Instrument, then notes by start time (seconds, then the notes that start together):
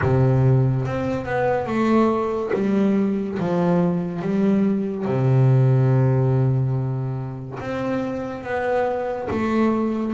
double bass
0.01 C3
0.85 C4
1.25 B3
1.66 A3
2.54 G3
3.39 F3
4.22 G3
5.05 C3
7.59 C4
8.43 B3
9.30 A3